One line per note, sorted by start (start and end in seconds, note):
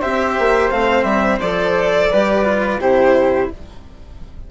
0.00 0.38 C4
0.00 0.71 G4
0.00 2.09 C5
0.00 0.70 E5
0.38 0.70 A#3
0.70 1.03 A3
0.70 1.41 C4
0.70 1.04 F5
1.03 1.38 G3
1.03 1.39 E5
1.40 2.11 F3
1.40 2.12 A4
1.40 2.80 D5
2.10 2.79 G3
2.10 2.44 G4
2.10 2.80 B4
2.44 2.79 F4
2.79 3.49 C3
2.79 3.51 E4
2.79 3.50 G4
2.79 3.50 C5